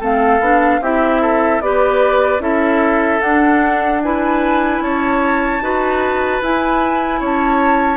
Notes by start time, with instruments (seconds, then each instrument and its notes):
0.00 bassoon A3, clarinet C4, oboe A4, flute F5
0.40 bassoon B3, clarinet D4
0.80 bassoon C4, clarinet E4, oboe G4, flute E5
1.22 oboe A4
1.61 bassoon B3, clarinet G4, oboe B4, flute D5
2.39 bassoon C#4, clarinet E4, oboe A4, flute E5
3.21 clarinet D4, bassoon D4, flute F#5
4.02 clarinet E4, oboe B4, flute G#5
4.80 bassoon C#4, oboe C#5, flute A5
5.61 bassoon D#4, clarinet F#4, oboe B4
6.42 bassoon E4, clarinet E4, flute G#5
7.20 bassoon C#4, oboe C#5, flute A5